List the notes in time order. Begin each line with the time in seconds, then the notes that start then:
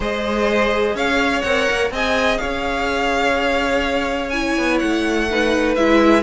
0.00 G#3 G#4 C5 D#5
0.94 C#4 C#5 F5
1.41 C4 A#4 F#5
1.69 A#3
1.90 C4 G#4 D#5 G#5
2.37 C#4 C#5 F5
4.29 E4 G#5
4.57 B3
4.79 A3 F#5
5.30 D#4 B4
5.75 G#3 E4 E5